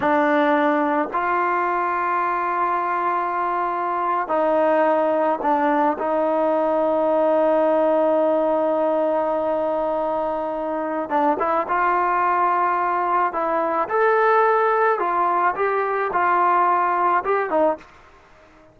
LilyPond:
\new Staff \with { instrumentName = "trombone" } { \time 4/4 \tempo 4 = 108 d'2 f'2~ | f'2.~ f'8. dis'16~ | dis'4.~ dis'16 d'4 dis'4~ dis'16~ | dis'1~ |
dis'1 | d'8 e'8 f'2. | e'4 a'2 f'4 | g'4 f'2 g'8 dis'8 | }